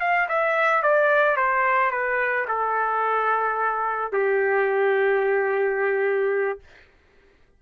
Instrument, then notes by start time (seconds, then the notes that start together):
trumpet
0.00 F5
0.29 E5
0.83 D5
1.37 C5
1.91 B4
2.48 A4
4.12 G4